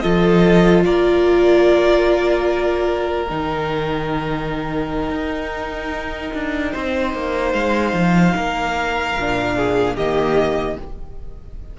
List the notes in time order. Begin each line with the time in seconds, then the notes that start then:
0.00 F3 F4 A4 D#5
0.84 A#3 A#4 D5
3.27 D#3 D#4 G5
5.10 D#4
6.33 D4
6.72 C4 C5
7.14 A#3
7.53 G#3 F5
7.93 F3
8.35 A#3 A#4
9.17 A#2 D4
9.56 G#4
9.96 D#3 A#3 G4 D#5